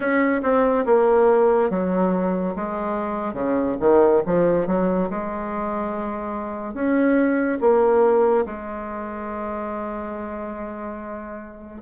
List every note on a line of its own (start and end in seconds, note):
0.00 0.41 C#4
0.42 0.85 C4
0.85 1.69 A#3
1.70 2.54 F#3
2.55 3.33 G#3
3.33 3.76 C#3
3.80 4.22 D#3
4.26 4.67 F3
4.67 5.09 F#3
5.09 6.73 G#3
6.73 7.58 C#4
7.61 8.45 A#3
8.45 11.82 G#3